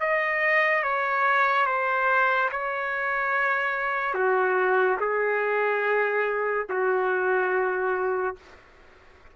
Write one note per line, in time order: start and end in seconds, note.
0.00 0.83 D#5
0.83 1.66 C#5
1.66 2.49 C5
2.51 4.14 C#5
4.14 4.97 F#4
5.00 6.66 G#4
6.69 8.36 F#4